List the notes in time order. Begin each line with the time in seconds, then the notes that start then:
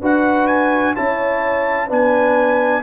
0.00 D4 F#4 B4 F#5
0.47 G#5
0.95 C#4 E4 C#5 A5
1.87 B3 D4 B4 G#5